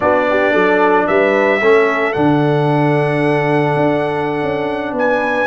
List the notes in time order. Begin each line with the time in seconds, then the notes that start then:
0.00 B3 D4 F#4 D5
0.29 G4
0.52 F#3 A4
1.07 G3 B4 E5
1.61 A3 C#4 A4
2.12 D3 D4 F#5
3.76 D4
4.42 C#4
4.92 B3
4.98 B4 G#5